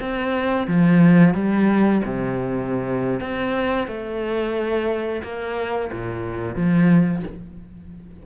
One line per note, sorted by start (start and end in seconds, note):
0.00 0.67 C4
0.68 1.35 F3
1.35 2.02 G3
2.05 3.21 C3
3.21 3.88 C4
3.88 5.22 A3
5.23 5.91 A#3
5.93 6.56 A#2
6.56 7.23 F3